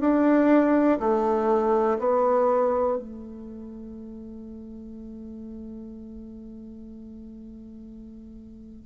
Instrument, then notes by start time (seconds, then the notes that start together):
bassoon
0.00 D4
0.99 A3
1.99 B3
2.97 A3